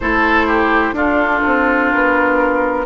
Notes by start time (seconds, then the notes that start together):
0.00 A3 E4 A4 C5
0.46 G4
0.92 D4 F4 A4
1.45 C4
1.90 B3 A#4